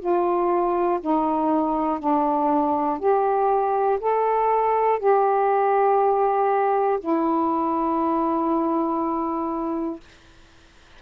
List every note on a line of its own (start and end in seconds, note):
0.00 1.00 F4
1.01 1.99 D#4
1.99 2.99 D4
2.99 3.99 G4
4.00 5.00 A4
5.00 7.00 G4
7.00 10.00 E4